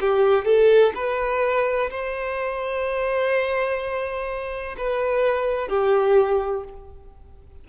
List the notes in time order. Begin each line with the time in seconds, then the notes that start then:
0.00 G4
0.45 A4
0.94 B4
1.90 C5
4.77 B4
5.68 G4